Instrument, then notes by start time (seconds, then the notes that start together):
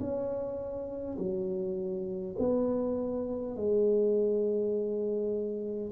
tuba
0.00 C#4
1.18 F#3
2.39 B3
3.56 G#3